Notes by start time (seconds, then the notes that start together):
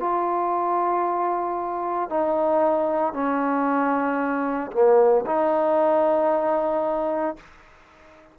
0.00 F4
2.10 D#4
3.13 C#4
4.72 A#3
5.26 D#4